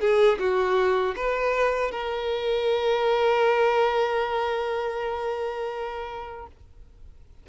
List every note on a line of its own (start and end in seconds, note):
0.00 0.38 G#4
0.39 1.15 F#4
1.16 1.91 B4
1.91 6.47 A#4